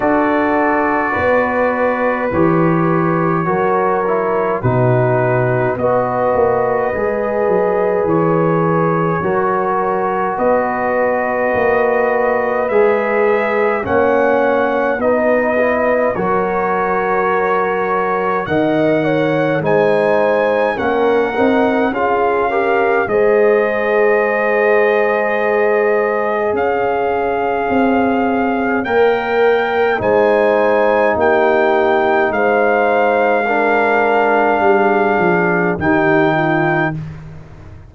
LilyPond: <<
  \new Staff \with { instrumentName = "trumpet" } { \time 4/4 \tempo 4 = 52 d''2 cis''2 | b'4 dis''2 cis''4~ | cis''4 dis''2 e''4 | fis''4 dis''4 cis''2 |
fis''4 gis''4 fis''4 f''4 | dis''2. f''4~ | f''4 g''4 gis''4 g''4 | f''2. g''4 | }
  \new Staff \with { instrumentName = "horn" } { \time 4/4 a'4 b'2 ais'4 | fis'4 b'2. | ais'4 b'2. | cis''4 b'4 ais'2 |
dis''8 cis''8 c''4 ais'4 gis'8 ais'8 | c''2. cis''4~ | cis''2 c''4 g'4 | c''4 ais'4 gis'4 g'8 f'8 | }
  \new Staff \with { instrumentName = "trombone" } { \time 4/4 fis'2 g'4 fis'8 e'8 | dis'4 fis'4 gis'2 | fis'2. gis'4 | cis'4 dis'8 e'8 fis'2 |
ais'4 dis'4 cis'8 dis'8 f'8 g'8 | gis'1~ | gis'4 ais'4 dis'2~ | dis'4 d'2 dis'4 | }
  \new Staff \with { instrumentName = "tuba" } { \time 4/4 d'4 b4 e4 fis4 | b,4 b8 ais8 gis8 fis8 e4 | fis4 b4 ais4 gis4 | ais4 b4 fis2 |
dis4 gis4 ais8 c'8 cis'4 | gis2. cis'4 | c'4 ais4 gis4 ais4 | gis2 g8 f8 dis4 | }
>>